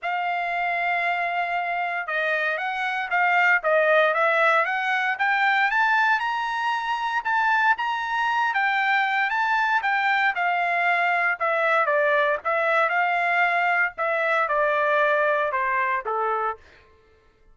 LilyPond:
\new Staff \with { instrumentName = "trumpet" } { \time 4/4 \tempo 4 = 116 f''1 | dis''4 fis''4 f''4 dis''4 | e''4 fis''4 g''4 a''4 | ais''2 a''4 ais''4~ |
ais''8 g''4. a''4 g''4 | f''2 e''4 d''4 | e''4 f''2 e''4 | d''2 c''4 a'4 | }